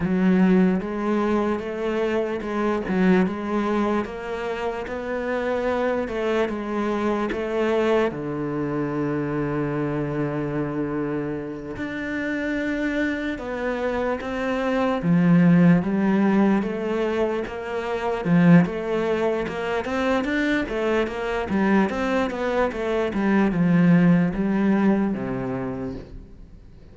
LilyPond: \new Staff \with { instrumentName = "cello" } { \time 4/4 \tempo 4 = 74 fis4 gis4 a4 gis8 fis8 | gis4 ais4 b4. a8 | gis4 a4 d2~ | d2~ d8 d'4.~ |
d'8 b4 c'4 f4 g8~ | g8 a4 ais4 f8 a4 | ais8 c'8 d'8 a8 ais8 g8 c'8 b8 | a8 g8 f4 g4 c4 | }